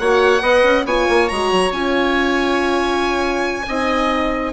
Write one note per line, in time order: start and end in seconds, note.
0.00 0.42 A#3
0.00 0.41 F#4
0.00 0.43 C#5
0.00 0.86 F#5
0.41 0.63 B3
0.41 0.84 B4
0.41 0.86 D#5
0.64 0.85 C#4
0.85 1.07 B3
0.85 1.31 F4
0.85 3.67 C#5
0.85 1.29 G#5
1.09 1.31 A#3
1.29 1.52 G#3
1.29 1.72 F#4
1.29 1.72 A#5
1.52 1.72 F#3
1.72 3.67 C#4
1.72 3.66 F4
1.72 4.53 G#5
3.69 4.53 C4
3.69 4.53 D#4
3.69 4.53 D#5